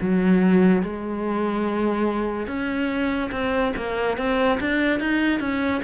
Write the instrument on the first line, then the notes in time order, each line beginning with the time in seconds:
cello
0.00 F#3
0.82 G#3
2.47 C#4
3.31 C4
3.76 A#3
4.17 C4
4.60 D4
5.00 D#4
5.39 C#4